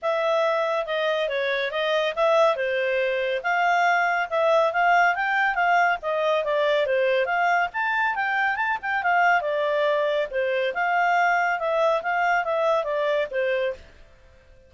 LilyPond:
\new Staff \with { instrumentName = "clarinet" } { \time 4/4 \tempo 4 = 140 e''2 dis''4 cis''4 | dis''4 e''4 c''2 | f''2 e''4 f''4 | g''4 f''4 dis''4 d''4 |
c''4 f''4 a''4 g''4 | a''8 g''8 f''4 d''2 | c''4 f''2 e''4 | f''4 e''4 d''4 c''4 | }